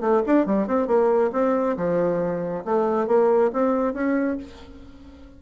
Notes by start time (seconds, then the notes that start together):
0.00 A3
0.26 D4
0.46 G3
0.67 C4
0.87 A#3
1.32 C4
1.77 F3
2.64 A3
3.07 A#3
3.52 C4
3.93 C#4